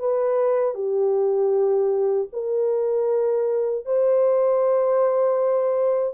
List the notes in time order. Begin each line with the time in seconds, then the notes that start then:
0.00 B4
0.75 G4
2.33 A#4
3.86 C5